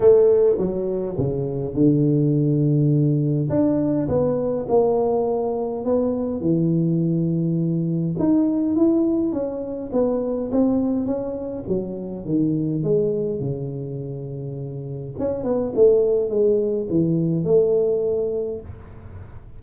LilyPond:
\new Staff \with { instrumentName = "tuba" } { \time 4/4 \tempo 4 = 103 a4 fis4 cis4 d4~ | d2 d'4 b4 | ais2 b4 e4~ | e2 dis'4 e'4 |
cis'4 b4 c'4 cis'4 | fis4 dis4 gis4 cis4~ | cis2 cis'8 b8 a4 | gis4 e4 a2 | }